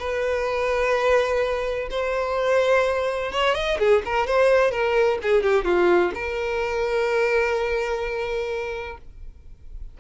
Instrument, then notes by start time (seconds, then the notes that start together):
violin
0.00 B4
1.90 C5
3.32 C#5
3.55 D#5
3.79 G#4
4.06 A#4
4.27 C5
4.72 A#4
5.23 G#4
5.43 G4
5.65 F4
6.15 A#4